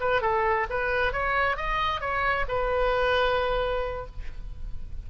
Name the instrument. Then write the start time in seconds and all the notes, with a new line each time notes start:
oboe
0.00 B4
0.21 A4
0.70 B4
1.12 C#5
1.56 D#5
2.00 C#5
2.48 B4